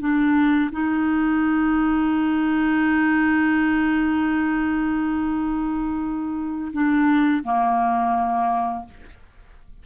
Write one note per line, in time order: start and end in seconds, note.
0.00 0.71 D4
0.72 6.72 D#4
6.73 7.43 D4
7.44 8.85 A#3